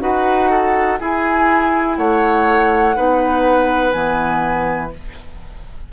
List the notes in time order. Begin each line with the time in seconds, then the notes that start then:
0.00 D#4 F#4 B4 F#5
0.50 A4
0.99 E4 G#4 G#5
1.97 A3 C#5 F#5
2.96 B3 D#4 B4
3.92 E3 B3 G#5